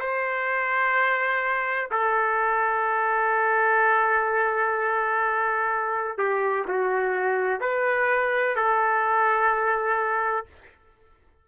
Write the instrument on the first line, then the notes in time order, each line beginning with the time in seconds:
trumpet
0.00 C5
1.91 A4
6.18 G4
6.68 F#4
7.61 B4
8.56 A4